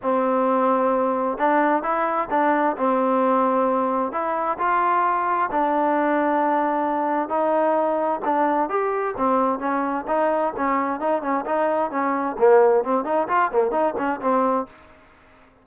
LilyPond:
\new Staff \with { instrumentName = "trombone" } { \time 4/4 \tempo 4 = 131 c'2. d'4 | e'4 d'4 c'2~ | c'4 e'4 f'2 | d'1 |
dis'2 d'4 g'4 | c'4 cis'4 dis'4 cis'4 | dis'8 cis'8 dis'4 cis'4 ais4 | c'8 dis'8 f'8 ais8 dis'8 cis'8 c'4 | }